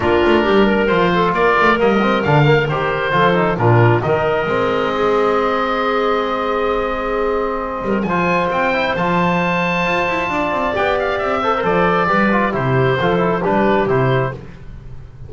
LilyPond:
<<
  \new Staff \with { instrumentName = "oboe" } { \time 4/4 \tempo 4 = 134 ais'2 c''4 d''4 | dis''4 f''4 c''2 | ais'4 dis''2.~ | dis''1~ |
dis''2 gis''4 g''4 | a''1 | g''8 f''8 e''4 d''2 | c''2 b'4 c''4 | }
  \new Staff \with { instrumentName = "clarinet" } { \time 4/4 f'4 g'8 ais'4 a'8 ais'4~ | ais'2. a'4 | f'4 ais'2 gis'4~ | gis'1~ |
gis'4. ais'8 c''2~ | c''2. d''4~ | d''4. c''4. b'4 | g'4 a'4 g'2 | }
  \new Staff \with { instrumentName = "trombone" } { \time 4/4 d'2 f'2 | ais8 c'8 d'8 ais8 g'4 f'8 dis'8 | d'4 dis'4 c'2~ | c'1~ |
c'2 f'4. e'8 | f'1 | g'4. a'16 ais'16 a'4 g'8 f'8 | e'4 f'8 e'8 d'4 e'4 | }
  \new Staff \with { instrumentName = "double bass" } { \time 4/4 ais8 a8 g4 f4 ais8 a8 | g4 d4 dis4 f4 | ais,4 dis4 gis2~ | gis1~ |
gis4. g8 f4 c'4 | f2 f'8 e'8 d'8 c'8 | b4 c'4 f4 g4 | c4 f4 g4 c4 | }
>>